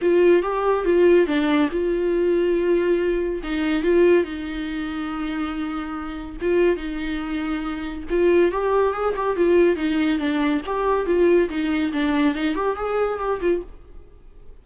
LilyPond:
\new Staff \with { instrumentName = "viola" } { \time 4/4 \tempo 4 = 141 f'4 g'4 f'4 d'4 | f'1 | dis'4 f'4 dis'2~ | dis'2. f'4 |
dis'2. f'4 | g'4 gis'8 g'8 f'4 dis'4 | d'4 g'4 f'4 dis'4 | d'4 dis'8 g'8 gis'4 g'8 f'8 | }